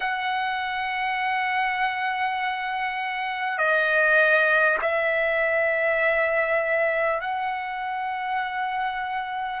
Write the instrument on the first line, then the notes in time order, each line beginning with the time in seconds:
trumpet
0.00 F#5
3.58 D#5
4.81 E5
7.21 F#5